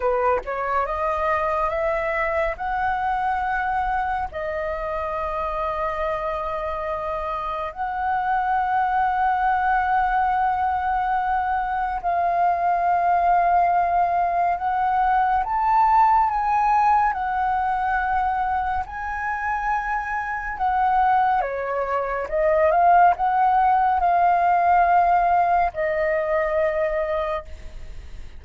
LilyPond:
\new Staff \with { instrumentName = "flute" } { \time 4/4 \tempo 4 = 70 b'8 cis''8 dis''4 e''4 fis''4~ | fis''4 dis''2.~ | dis''4 fis''2.~ | fis''2 f''2~ |
f''4 fis''4 a''4 gis''4 | fis''2 gis''2 | fis''4 cis''4 dis''8 f''8 fis''4 | f''2 dis''2 | }